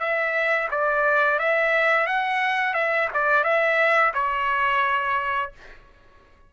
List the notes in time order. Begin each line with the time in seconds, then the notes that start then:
0.00 E5
0.71 D5
1.39 E5
2.07 F#5
2.74 E5
3.14 D5
3.44 E5
4.14 C#5